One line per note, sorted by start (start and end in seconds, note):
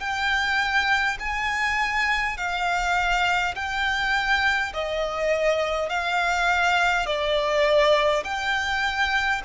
0.00 1.18 G5
1.19 2.37 G#5
2.37 3.55 F5
3.55 4.73 G5
4.73 5.89 D#5
5.89 7.06 F5
7.06 8.24 D5
8.24 9.42 G5